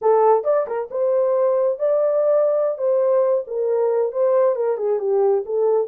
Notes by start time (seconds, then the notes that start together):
0.01 A4
0.44 D5
0.67 A#4
0.90 C5
1.78 D5
2.78 C5
3.47 A#4
4.12 C5
4.55 A#4
4.77 G#4
4.99 G4
5.45 A4